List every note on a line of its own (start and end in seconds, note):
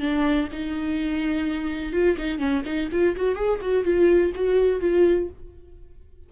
0.00 0.48 D4
0.52 1.92 D#4
1.92 2.16 F4
2.18 2.38 D#4
2.38 2.62 C#4
2.65 2.89 D#4
2.91 3.15 F4
3.16 3.35 F#4
3.35 3.59 G#4
3.61 3.84 F#4
3.84 4.32 F4
4.34 4.80 F#4
4.80 5.28 F4